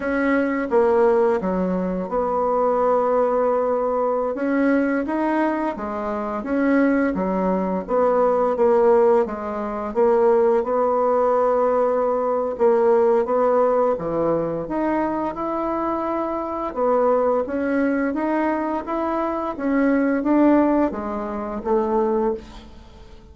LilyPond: \new Staff \with { instrumentName = "bassoon" } { \time 4/4 \tempo 4 = 86 cis'4 ais4 fis4 b4~ | b2~ b16 cis'4 dis'8.~ | dis'16 gis4 cis'4 fis4 b8.~ | b16 ais4 gis4 ais4 b8.~ |
b2 ais4 b4 | e4 dis'4 e'2 | b4 cis'4 dis'4 e'4 | cis'4 d'4 gis4 a4 | }